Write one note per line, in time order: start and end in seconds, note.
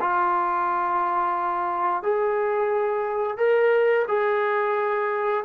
0.00 2.02 F4
2.02 3.37 G#4
3.37 4.05 A#4
4.08 5.44 G#4